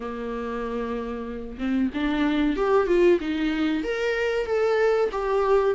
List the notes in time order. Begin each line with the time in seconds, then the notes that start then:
0.00 A#3
1.58 C4
1.94 D4
2.56 G4
2.87 F4
3.20 D#4
3.83 A#4
4.45 A4
5.11 G4